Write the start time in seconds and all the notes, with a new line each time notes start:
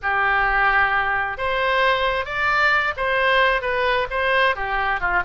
0.02 G4
1.37 C5
2.25 D5
2.96 C5
3.61 B4
4.10 C5
4.55 G4
5.00 F4